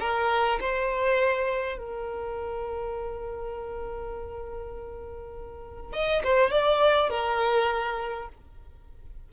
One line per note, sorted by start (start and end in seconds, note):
0.00 0.59 A#4
0.60 1.78 C5
1.78 5.93 A#4
5.93 6.22 D#5
6.24 6.50 C5
6.50 7.10 D5
7.10 8.28 A#4